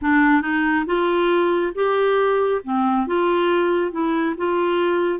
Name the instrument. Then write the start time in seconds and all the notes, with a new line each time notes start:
clarinet
0.01 D4
0.41 D#4
0.85 F4
1.74 G4
2.63 C4
3.06 F4
3.91 E4
4.37 F4